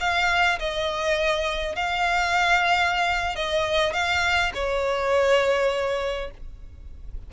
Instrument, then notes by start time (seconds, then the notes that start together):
violin
0.00 F5
0.59 D#5
1.76 F5
3.36 D#5
3.94 F5
4.55 C#5